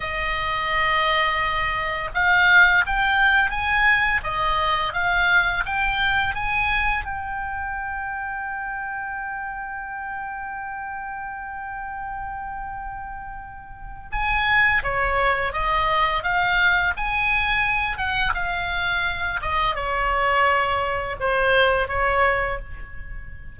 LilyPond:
\new Staff \with { instrumentName = "oboe" } { \time 4/4 \tempo 4 = 85 dis''2. f''4 | g''4 gis''4 dis''4 f''4 | g''4 gis''4 g''2~ | g''1~ |
g''1 | gis''4 cis''4 dis''4 f''4 | gis''4. fis''8 f''4. dis''8 | cis''2 c''4 cis''4 | }